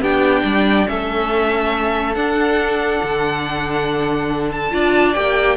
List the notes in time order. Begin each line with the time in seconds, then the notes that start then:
0.00 B3 D4 G4 G5
0.44 G3 D5
0.87 A3 C#4 A4 E5
2.15 D4 F#5
3.03 D3
4.52 A5
4.71 D4 F4 D5
5.13 A#3 G4 G5